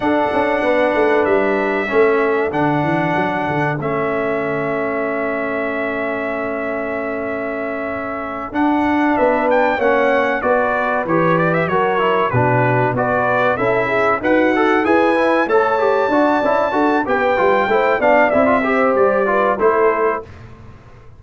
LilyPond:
<<
  \new Staff \with { instrumentName = "trumpet" } { \time 4/4 \tempo 4 = 95 fis''2 e''2 | fis''2 e''2~ | e''1~ | e''4. fis''4 e''8 g''8 fis''8~ |
fis''8 d''4 cis''8 d''16 e''16 cis''4 b'8~ | b'8 d''4 e''4 fis''4 gis''8~ | gis''8 a''2~ a''8 g''4~ | g''8 f''8 e''4 d''4 c''4 | }
  \new Staff \with { instrumentName = "horn" } { \time 4/4 a'4 b'2 a'4~ | a'1~ | a'1~ | a'2~ a'8 b'4 cis''8~ |
cis''8 b'2 ais'4 fis'8~ | fis'8 b'4 a'8 gis'8 fis'4 b'8~ | b'8 cis''4 d''4 a'8 b'4 | c''8 d''4 c''4 b'8 a'4 | }
  \new Staff \with { instrumentName = "trombone" } { \time 4/4 d'2. cis'4 | d'2 cis'2~ | cis'1~ | cis'4. d'2 cis'8~ |
cis'8 fis'4 g'4 fis'8 e'8 d'8~ | d'8 fis'4 e'4 b'8 a'8 gis'8 | e'8 a'8 g'8 fis'8 e'8 fis'8 g'8 f'8 | e'8 d'8 e'16 f'16 g'4 f'8 e'4 | }
  \new Staff \with { instrumentName = "tuba" } { \time 4/4 d'8 cis'8 b8 a8 g4 a4 | d8 e8 fis8 d8 a2~ | a1~ | a4. d'4 b4 ais8~ |
ais8 b4 e4 fis4 b,8~ | b,8 b4 cis'4 dis'4 e'8~ | e'8 a4 d'8 cis'8 d'8 b8 g8 | a8 b8 c'4 g4 a4 | }
>>